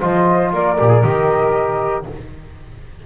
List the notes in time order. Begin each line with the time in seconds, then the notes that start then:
0.00 F3 F4 C5 D#5
0.53 A#3 A#4 D5
0.79 A#2 G4
0.89 G#4
1.03 D#3 G4 D#5